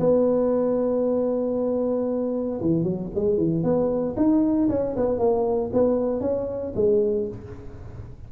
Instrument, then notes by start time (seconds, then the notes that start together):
tuba
0.00 B3
2.61 E3
2.83 F#3
3.15 G#3
3.38 E3
3.64 B3
4.17 D#4
4.70 C#4
4.97 B3
5.19 A#3
5.73 B3
6.21 C#4
6.76 G#3